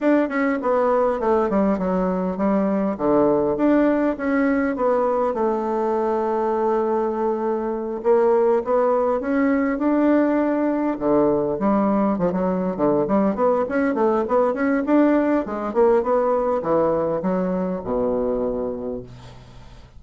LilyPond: \new Staff \with { instrumentName = "bassoon" } { \time 4/4 \tempo 4 = 101 d'8 cis'8 b4 a8 g8 fis4 | g4 d4 d'4 cis'4 | b4 a2.~ | a4. ais4 b4 cis'8~ |
cis'8 d'2 d4 g8~ | g8 f16 fis8. d8 g8 b8 cis'8 a8 | b8 cis'8 d'4 gis8 ais8 b4 | e4 fis4 b,2 | }